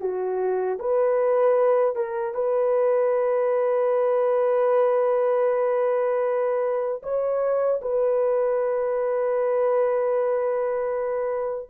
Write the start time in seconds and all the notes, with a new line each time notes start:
0.00 F#4
0.79 B4
1.96 A#4
2.34 B4
7.03 C#5
7.81 B4